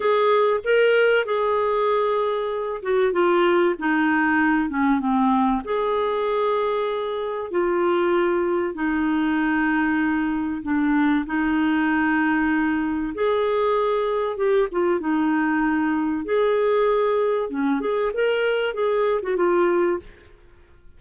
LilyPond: \new Staff \with { instrumentName = "clarinet" } { \time 4/4 \tempo 4 = 96 gis'4 ais'4 gis'2~ | gis'8 fis'8 f'4 dis'4. cis'8 | c'4 gis'2. | f'2 dis'2~ |
dis'4 d'4 dis'2~ | dis'4 gis'2 g'8 f'8 | dis'2 gis'2 | cis'8 gis'8 ais'4 gis'8. fis'16 f'4 | }